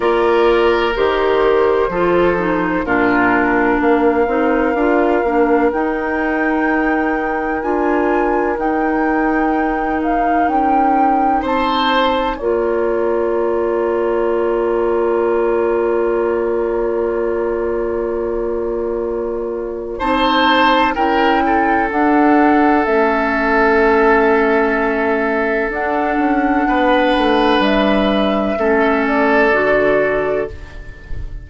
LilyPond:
<<
  \new Staff \with { instrumentName = "flute" } { \time 4/4 \tempo 4 = 63 d''4 c''2 ais'4 | f''2 g''2 | gis''4 g''4. f''8 g''4 | a''4 ais''2.~ |
ais''1~ | ais''4 a''4 g''4 fis''4 | e''2. fis''4~ | fis''4 e''4. d''4. | }
  \new Staff \with { instrumentName = "oboe" } { \time 4/4 ais'2 a'4 f'4 | ais'1~ | ais'1 | c''4 cis''2.~ |
cis''1~ | cis''4 c''4 ais'8 a'4.~ | a'1 | b'2 a'2 | }
  \new Staff \with { instrumentName = "clarinet" } { \time 4/4 f'4 g'4 f'8 dis'8 d'4~ | d'8 dis'8 f'8 d'8 dis'2 | f'4 dis'2.~ | dis'4 f'2.~ |
f'1~ | f'4 dis'4 e'4 d'4 | cis'2. d'4~ | d'2 cis'4 fis'4 | }
  \new Staff \with { instrumentName = "bassoon" } { \time 4/4 ais4 dis4 f4 ais,4 | ais8 c'8 d'8 ais8 dis'2 | d'4 dis'2 cis'4 | c'4 ais2.~ |
ais1~ | ais4 c'4 cis'4 d'4 | a2. d'8 cis'8 | b8 a8 g4 a4 d4 | }
>>